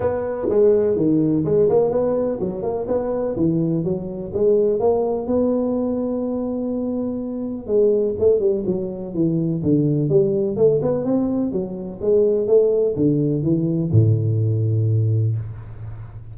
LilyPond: \new Staff \with { instrumentName = "tuba" } { \time 4/4 \tempo 4 = 125 b4 gis4 dis4 gis8 ais8 | b4 fis8 ais8 b4 e4 | fis4 gis4 ais4 b4~ | b1 |
gis4 a8 g8 fis4 e4 | d4 g4 a8 b8 c'4 | fis4 gis4 a4 d4 | e4 a,2. | }